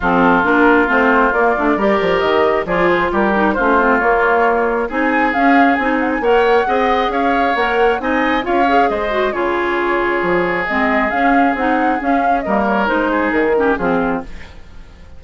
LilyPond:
<<
  \new Staff \with { instrumentName = "flute" } { \time 4/4 \tempo 4 = 135 a'4 ais'4 c''4 d''4~ | d''4 dis''4 d''8 c''8 ais'4 | c''4 cis''2 gis''4 | f''4 gis''8 fis''16 gis''16 fis''2 |
f''4 fis''4 gis''4 f''4 | dis''4 cis''2. | dis''4 f''4 fis''4 f''4 | dis''8 cis''8 c''4 ais'4 gis'4 | }
  \new Staff \with { instrumentName = "oboe" } { \time 4/4 f'1 | ais'2 gis'4 g'4 | f'2. gis'4~ | gis'2 cis''4 dis''4 |
cis''2 dis''4 cis''4 | c''4 gis'2.~ | gis'1 | ais'4. gis'4 g'8 f'4 | }
  \new Staff \with { instrumentName = "clarinet" } { \time 4/4 c'4 d'4 c'4 ais8 d'8 | g'2 f'4. dis'8 | cis'8 c'8 ais2 dis'4 | cis'4 dis'4 ais'4 gis'4~ |
gis'4 ais'4 dis'4 f'8 gis'8~ | gis'8 fis'8 f'2. | c'4 cis'4 dis'4 cis'4 | ais4 dis'4. cis'8 c'4 | }
  \new Staff \with { instrumentName = "bassoon" } { \time 4/4 f4 ais4 a4 ais8 a8 | g8 f8 dis4 f4 g4 | a4 ais2 c'4 | cis'4 c'4 ais4 c'4 |
cis'4 ais4 c'4 cis'4 | gis4 cis2 f4 | gis4 cis'4 c'4 cis'4 | g4 gis4 dis4 f4 | }
>>